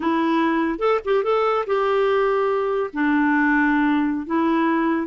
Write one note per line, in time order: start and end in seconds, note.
0.00 0.78 E4
0.78 0.99 A4
1.04 1.23 G4
1.23 1.65 A4
1.66 2.90 G4
2.93 4.26 D4
4.26 5.07 E4